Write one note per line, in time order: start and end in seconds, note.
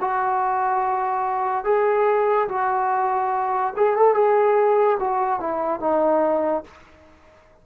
0.00 1.64 F#4
1.64 2.48 G#4
2.48 3.73 F#4
3.76 3.96 G#4
3.96 4.14 A4
4.14 4.98 G#4
5.00 5.40 F#4
5.40 5.80 E4
5.80 6.63 D#4